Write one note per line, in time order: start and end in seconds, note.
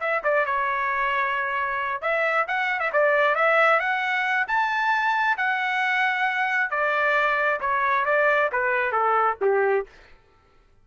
0.00 0.22 E5
0.23 0.45 D5
0.45 2.01 C#5
2.01 2.46 E5
2.47 2.80 F#5
2.80 2.91 E5
2.93 3.35 D5
3.35 3.79 E5
3.79 4.47 F#5
4.47 5.37 A5
5.37 6.70 F#5
6.70 7.60 D5
7.60 8.05 C#5
8.05 8.50 D5
8.52 8.92 B4
8.92 9.37 A4
9.41 9.86 G4